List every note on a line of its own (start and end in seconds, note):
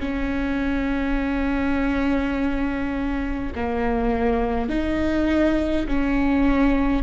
0.00 3.53 C#4
3.56 4.70 A#3
4.70 5.87 D#4
5.88 7.04 C#4